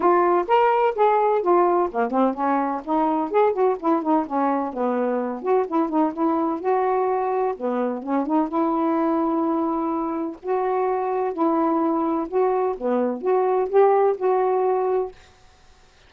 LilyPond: \new Staff \with { instrumentName = "saxophone" } { \time 4/4 \tempo 4 = 127 f'4 ais'4 gis'4 f'4 | ais8 c'8 cis'4 dis'4 gis'8 fis'8 | e'8 dis'8 cis'4 b4. fis'8 | e'8 dis'8 e'4 fis'2 |
b4 cis'8 dis'8 e'2~ | e'2 fis'2 | e'2 fis'4 b4 | fis'4 g'4 fis'2 | }